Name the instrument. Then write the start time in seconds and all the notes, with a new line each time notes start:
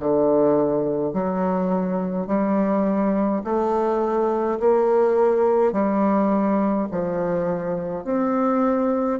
bassoon
0.00 D3
1.13 F#3
2.27 G3
3.44 A3
4.59 A#3
5.73 G3
6.91 F3
8.05 C4